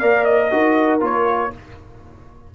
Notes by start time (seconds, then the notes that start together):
0.00 A#3 A#4 D5 F5
0.25 D#5
0.51 D#4 F#4 A#4
1.01 A#3 F4 C#5